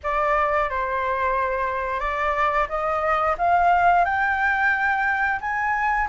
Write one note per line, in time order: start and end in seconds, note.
0.03 0.69 D5
0.69 1.99 C5
1.99 2.67 D5
2.68 3.36 D#5
3.37 4.04 F5
4.04 5.39 G5
5.40 6.08 G#5